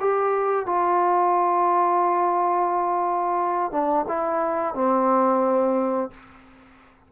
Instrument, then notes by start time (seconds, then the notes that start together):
trombone
0.00 G4
0.66 F4
3.72 D4
4.08 E4
4.74 C4